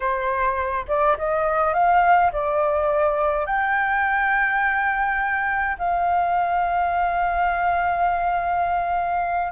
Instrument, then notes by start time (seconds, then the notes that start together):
flute
0.00 C5
0.88 D5
1.17 D#5
1.73 F5
2.32 D5
3.46 G5
5.78 F5